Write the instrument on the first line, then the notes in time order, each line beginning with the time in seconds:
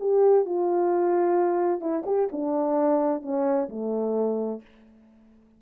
horn
0.00 G4
0.45 F4
1.81 E4
2.06 G4
2.32 D4
3.22 C#4
3.69 A3